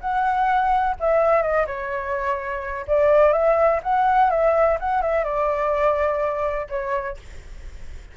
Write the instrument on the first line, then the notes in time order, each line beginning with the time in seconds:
flute
0.00 F#5
1.00 E5
1.42 D#5
1.66 C#5
2.87 D5
3.32 E5
3.83 F#5
4.30 E5
4.80 F#5
5.02 E5
5.24 D5
6.69 C#5